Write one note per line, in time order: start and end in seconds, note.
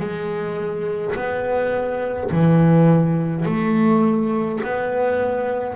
0.00 1.15 G#3
1.15 2.31 B3
2.31 3.46 E3
3.46 4.61 A3
4.63 5.76 B3